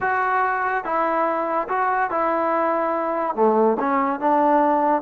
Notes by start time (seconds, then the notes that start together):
0.01 F#4
0.84 E4
1.68 F#4
2.10 E4
3.35 A3
3.79 C#4
4.20 D4